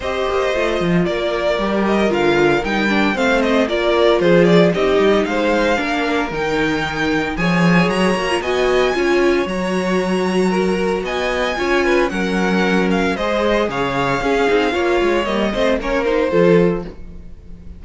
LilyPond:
<<
  \new Staff \with { instrumentName = "violin" } { \time 4/4 \tempo 4 = 114 dis''2 d''4. dis''8 | f''4 g''4 f''8 dis''8 d''4 | c''8 d''8 dis''4 f''2 | g''2 gis''4 ais''4 |
gis''2 ais''2~ | ais''4 gis''2 fis''4~ | fis''8 f''8 dis''4 f''2~ | f''4 dis''4 cis''8 c''4. | }
  \new Staff \with { instrumentName = "violin" } { \time 4/4 c''2 ais'2~ | ais'2 c''4 ais'4 | gis'4 g'4 c''4 ais'4~ | ais'2 cis''2 |
dis''4 cis''2. | ais'4 dis''4 cis''8 b'8 ais'4~ | ais'4 c''4 cis''4 gis'4 | cis''4. c''8 ais'4 a'4 | }
  \new Staff \with { instrumentName = "viola" } { \time 4/4 g'4 f'2 g'4 | f'4 dis'8 d'8 c'4 f'4~ | f'4 dis'2 d'4 | dis'2 gis'4. fis'16 f'16 |
fis'4 f'4 fis'2~ | fis'2 f'4 cis'4~ | cis'4 gis'2 cis'8 dis'8 | f'4 ais8 c'8 cis'8 dis'8 f'4 | }
  \new Staff \with { instrumentName = "cello" } { \time 4/4 c'8 ais8 a8 f8 ais4 g4 | d4 g4 a4 ais4 | f4 c'8 g8 gis4 ais4 | dis2 f4 fis8 ais8 |
b4 cis'4 fis2~ | fis4 b4 cis'4 fis4~ | fis4 gis4 cis4 cis'8 c'8 | ais8 gis8 g8 a8 ais4 f4 | }
>>